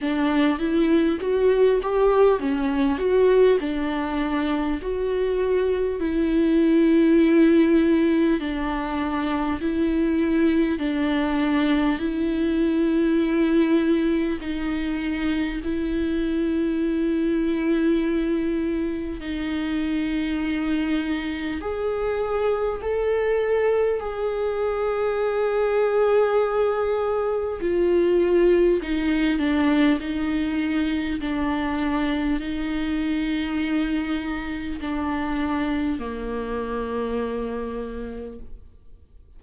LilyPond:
\new Staff \with { instrumentName = "viola" } { \time 4/4 \tempo 4 = 50 d'8 e'8 fis'8 g'8 cis'8 fis'8 d'4 | fis'4 e'2 d'4 | e'4 d'4 e'2 | dis'4 e'2. |
dis'2 gis'4 a'4 | gis'2. f'4 | dis'8 d'8 dis'4 d'4 dis'4~ | dis'4 d'4 ais2 | }